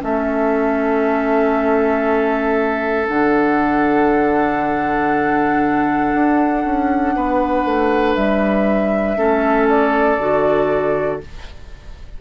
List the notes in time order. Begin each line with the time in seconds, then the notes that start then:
0.00 A3 C#4 A4 E5
3.07 D3 D4 F#5
6.14 D4
6.64 C#4
7.15 B3 B4
7.65 A3
8.15 G3 E5
9.16 A3 C#4 A4
9.68 D5
10.18 D3 F#4